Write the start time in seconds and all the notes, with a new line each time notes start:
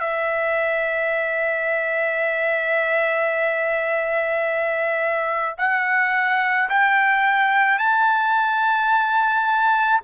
0.00 E5
5.58 F#5
6.69 G5
7.78 A5